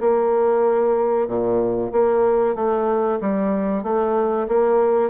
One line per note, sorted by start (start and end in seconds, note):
0.00 1.27 A#3
1.27 1.91 A#2
1.92 2.55 A#3
2.55 3.19 A3
3.21 3.83 G3
3.83 4.47 A3
4.48 5.09 A#3